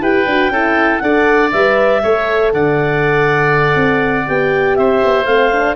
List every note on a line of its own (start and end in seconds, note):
0.00 0.25 E4
0.00 0.26 G4
0.00 0.52 B4
0.00 0.99 G5
0.26 0.49 D4
0.26 0.52 F#4
0.49 0.99 C#4
0.49 1.02 E4
0.49 1.02 A4
0.99 1.52 D4
0.99 1.52 A4
0.99 2.03 D5
0.99 1.49 F#5
1.52 2.03 G3
1.52 2.02 B4
1.52 2.52 E5
2.03 2.53 A3
2.03 4.26 A4
2.03 2.53 C#5
2.53 3.76 D3
2.53 4.78 D5
2.53 4.27 F#5
3.76 4.26 C4
4.26 4.77 B3
4.26 5.26 G4
4.26 4.76 G5
4.76 5.02 C4
4.76 5.76 C5
4.76 5.25 E5
5.04 5.25 B3
5.25 5.75 A3
5.25 5.52 C4
5.25 5.75 F5
5.52 5.76 D4